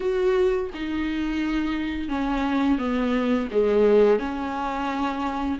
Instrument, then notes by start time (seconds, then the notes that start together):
viola
0.00 F#4
0.73 D#4
2.08 C#4
2.78 B3
3.51 G#3
4.19 C#4